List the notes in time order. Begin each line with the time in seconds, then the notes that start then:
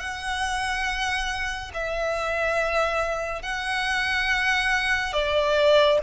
0.00 F#5
1.74 E5
3.42 F#5
5.13 D5